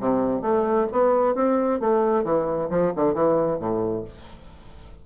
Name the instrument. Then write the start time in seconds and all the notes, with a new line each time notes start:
bassoon
0.00 C3
0.42 A3
0.92 B3
1.35 C4
1.80 A3
2.24 E3
2.70 F3
2.96 D3
3.14 E3
3.59 A2